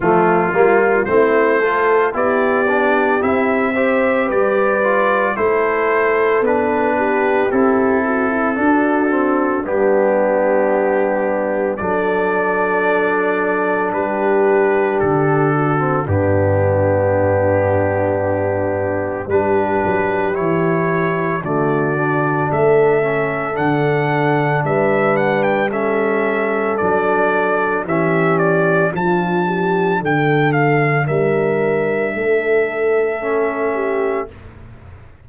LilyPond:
<<
  \new Staff \with { instrumentName = "trumpet" } { \time 4/4 \tempo 4 = 56 f'4 c''4 d''4 e''4 | d''4 c''4 b'4 a'4~ | a'4 g'2 d''4~ | d''4 b'4 a'4 g'4~ |
g'2 b'4 cis''4 | d''4 e''4 fis''4 e''8 fis''16 g''16 | e''4 d''4 e''8 d''8 a''4 | g''8 f''8 e''2. | }
  \new Staff \with { instrumentName = "horn" } { \time 4/4 f'4 e'8 a'8 g'4. c''8 | b'4 a'4. g'4 fis'16 e'16 | fis'4 d'2 a'4~ | a'4 g'4. fis'8 d'4~ |
d'2 g'2 | fis'4 a'2 b'4 | a'2 g'4 f'8 g'8 | a'4 ais'4 a'4. g'8 | }
  \new Staff \with { instrumentName = "trombone" } { \time 4/4 a8 ais8 c'8 f'8 e'8 d'8 e'8 g'8~ | g'8 f'8 e'4 d'4 e'4 | d'8 c'8 b2 d'4~ | d'2~ d'8. c'16 b4~ |
b2 d'4 e'4 | a8 d'4 cis'8 d'2 | cis'4 d'4 cis'4 d'4~ | d'2. cis'4 | }
  \new Staff \with { instrumentName = "tuba" } { \time 4/4 f8 g8 a4 b4 c'4 | g4 a4 b4 c'4 | d'4 g2 fis4~ | fis4 g4 d4 g,4~ |
g,2 g8 fis8 e4 | d4 a4 d4 g4~ | g4 fis4 e4 f4 | d4 g4 a2 | }
>>